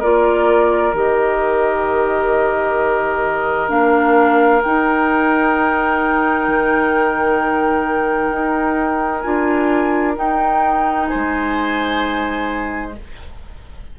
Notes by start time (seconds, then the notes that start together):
0.00 A#3 F4 A#4 D5
0.93 D#3 G4 D#5
3.69 A#3 D4 F5
4.63 D#4 G5
6.48 D#3
8.32 D#4
9.21 D4 F4 G#5
10.15 D#4 G5
11.07 C5 G#5
11.15 G#3